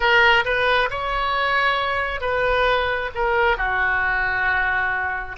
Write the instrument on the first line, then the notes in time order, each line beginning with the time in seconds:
oboe
0.00 A#4
0.44 B4
0.90 C#5
2.21 B4
3.14 A#4
3.57 F#4